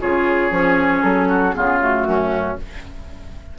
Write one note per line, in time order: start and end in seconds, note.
0.00 0.50 C#3
0.00 0.51 F4
0.00 1.28 G#4
0.00 1.02 C#5
0.50 1.02 F3
0.50 1.54 C#4
1.02 1.54 F#3
1.02 1.53 A4
1.28 1.54 F#4
1.53 2.06 C#3
1.53 1.79 B3
1.53 2.07 F4
1.53 1.79 G#4
1.80 2.57 A3
1.80 2.57 F#4
2.06 2.57 F#2
2.06 2.58 C#4